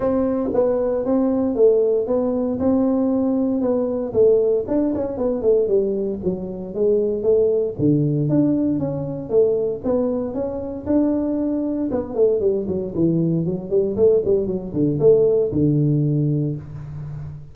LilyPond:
\new Staff \with { instrumentName = "tuba" } { \time 4/4 \tempo 4 = 116 c'4 b4 c'4 a4 | b4 c'2 b4 | a4 d'8 cis'8 b8 a8 g4 | fis4 gis4 a4 d4 |
d'4 cis'4 a4 b4 | cis'4 d'2 b8 a8 | g8 fis8 e4 fis8 g8 a8 g8 | fis8 d8 a4 d2 | }